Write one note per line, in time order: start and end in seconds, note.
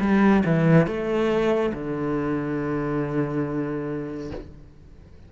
0.00 0.43 G3
0.45 0.86 E3
0.86 1.72 A3
1.73 4.31 D3